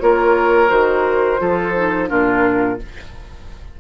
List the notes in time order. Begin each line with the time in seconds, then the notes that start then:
0.00 A#3 F4 A#4 C#5
0.68 D#3 F#4 C5
1.38 F3 F4 A4
1.76 D#4
2.08 A#2 D4 F4 A#4